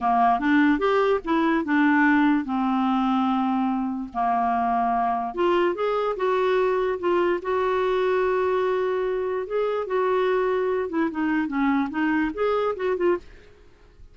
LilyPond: \new Staff \with { instrumentName = "clarinet" } { \time 4/4 \tempo 4 = 146 ais4 d'4 g'4 e'4 | d'2 c'2~ | c'2 ais2~ | ais4 f'4 gis'4 fis'4~ |
fis'4 f'4 fis'2~ | fis'2. gis'4 | fis'2~ fis'8 e'8 dis'4 | cis'4 dis'4 gis'4 fis'8 f'8 | }